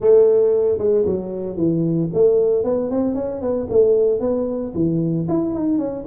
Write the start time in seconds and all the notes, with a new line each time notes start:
0.00 A3
0.78 G#3
1.05 F#3
1.56 E3
2.13 A3
2.64 B3
2.90 C4
3.15 C#4
3.41 B3
3.70 A3
4.20 B3
4.74 E3
5.28 E4
5.54 D#4
5.78 C#4